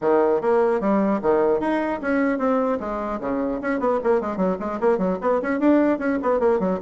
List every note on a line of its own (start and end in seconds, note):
0.01 0.41 D#3
0.41 0.80 A#3
0.80 1.20 G3
1.21 1.59 D#3
1.59 1.99 D#4
2.01 2.38 C#4
2.38 2.78 C4
2.79 3.19 G#3
3.20 3.60 C#3
3.61 3.79 C#4
3.79 3.99 B3
4.03 4.21 A#3
4.21 4.37 G#3
4.37 4.57 F#3
4.59 4.79 G#3
4.80 4.98 A#3
4.98 5.18 F#3
5.21 5.41 B3
5.41 5.59 C#4
5.59 5.98 D4
5.98 6.18 C#4
6.22 6.39 B3
6.39 6.59 A#3
6.59 6.79 F#3